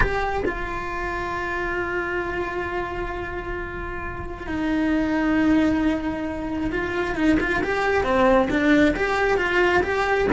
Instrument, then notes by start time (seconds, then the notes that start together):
cello
0.00 G4
0.45 F4
4.47 D#4
6.71 F4
7.15 D#4
7.40 F4
7.63 G4
8.03 C4
8.50 D4
8.96 G4
9.37 F4
9.83 G4